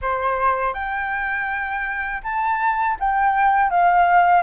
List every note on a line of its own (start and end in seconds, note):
0.01 0.73 C5
0.73 2.22 G5
2.23 2.97 A5
2.99 3.70 G5
3.70 4.42 F5